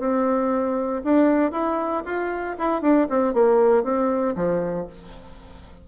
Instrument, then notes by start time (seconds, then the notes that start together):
bassoon
0.00 C4
1.04 D4
1.52 E4
2.06 F4
2.59 E4
2.82 D4
3.10 C4
3.34 A#3
3.84 C4
4.36 F3